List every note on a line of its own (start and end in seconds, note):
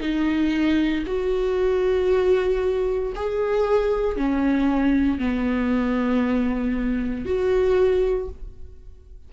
0.00 1.03 D#4
1.06 3.13 F#4
3.15 4.16 G#4
4.16 5.18 C#4
5.18 7.25 B3
7.25 8.29 F#4